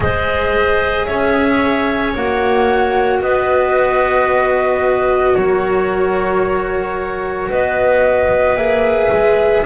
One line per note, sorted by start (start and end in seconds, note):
0.00 1.07 G#3
0.00 2.15 G#4
0.00 1.06 C5
0.00 1.05 D#5
1.05 2.15 C#4
1.05 3.20 C#5
1.05 2.12 E5
2.15 3.21 A#3
2.15 8.57 F#4
2.15 3.22 F#5
3.21 5.35 B3
3.21 5.35 B4
3.21 5.35 D#5
5.35 7.50 F#3
5.35 7.49 A#4
5.35 7.50 C#5
7.49 8.56 B3
7.49 9.63 B4
7.49 8.56 D#5
8.56 9.09 A#3
8.56 9.64 G#4
8.56 9.64 E5
9.12 9.65 G#3